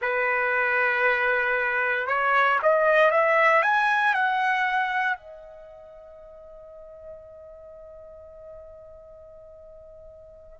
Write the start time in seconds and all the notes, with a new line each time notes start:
0.01 B4
2.07 C#5
2.62 D#5
3.10 E5
3.62 G#5
4.14 F#5
5.17 D#5